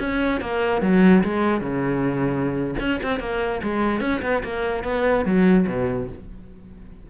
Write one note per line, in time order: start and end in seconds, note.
0.00 0.41 C#4
0.41 0.82 A#3
0.82 1.23 F#3
1.24 1.61 G#3
1.61 2.75 C#3
2.80 3.01 C#4
3.03 3.20 C4
3.20 3.61 A#3
3.64 4.01 G#3
4.01 4.21 C#4
4.22 4.43 B3
4.44 4.84 A#3
4.84 5.25 B3
5.25 5.67 F#3
5.67 6.09 B2